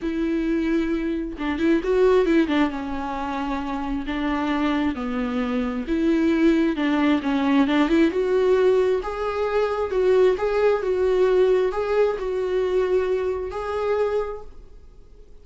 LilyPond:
\new Staff \with { instrumentName = "viola" } { \time 4/4 \tempo 4 = 133 e'2. d'8 e'8 | fis'4 e'8 d'8 cis'2~ | cis'4 d'2 b4~ | b4 e'2 d'4 |
cis'4 d'8 e'8 fis'2 | gis'2 fis'4 gis'4 | fis'2 gis'4 fis'4~ | fis'2 gis'2 | }